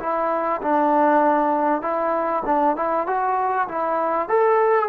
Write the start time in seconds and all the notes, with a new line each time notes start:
0.00 E4
0.62 D4
1.82 E4
2.46 D4
2.76 E4
3.07 F#4
3.68 E4
4.29 A4